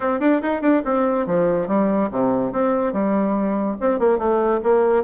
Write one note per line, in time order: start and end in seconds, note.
0.00 0.20 C4
0.20 0.41 D4
0.42 0.61 D#4
0.61 0.82 D4
0.84 1.26 C4
1.26 1.67 F3
1.67 2.09 G3
2.11 2.52 C3
2.52 2.92 C4
2.92 3.76 G3
3.80 3.99 C4
3.99 4.18 A#3
4.18 4.60 A3
4.63 5.03 A#3